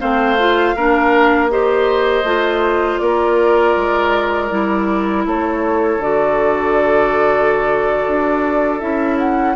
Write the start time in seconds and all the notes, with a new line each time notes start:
0.00 A3 C4 C5 F5
0.39 F4
0.75 A#3 D4 A#4
1.50 G4 C5 D#5
2.24 A3 F4
2.98 A#3 A#4 D5
3.77 G#3
4.50 G3 E4
5.26 A3 A4 C#5
5.98 D3 F#4 D5
8.08 D4
8.80 C#4 E4 E5
9.19 F#5